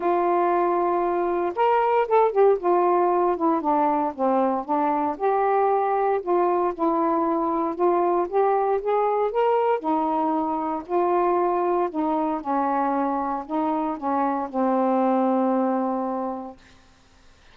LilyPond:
\new Staff \with { instrumentName = "saxophone" } { \time 4/4 \tempo 4 = 116 f'2. ais'4 | a'8 g'8 f'4. e'8 d'4 | c'4 d'4 g'2 | f'4 e'2 f'4 |
g'4 gis'4 ais'4 dis'4~ | dis'4 f'2 dis'4 | cis'2 dis'4 cis'4 | c'1 | }